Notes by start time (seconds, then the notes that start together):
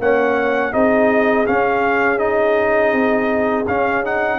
0.00 A#3 C#4 C#5 F#5
0.73 C4 D#4 G#4 D#5
1.46 C#4 F5
2.19 D#4 D#5
2.93 C4
3.68 C#4 F5
4.05 D#4 F#5